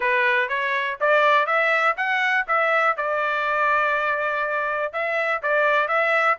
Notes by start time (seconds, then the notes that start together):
0.00 B4
0.48 C#5
1.00 D5
1.46 E5
1.96 F#5
2.47 E5
2.96 D5
4.92 E5
5.42 D5
5.88 E5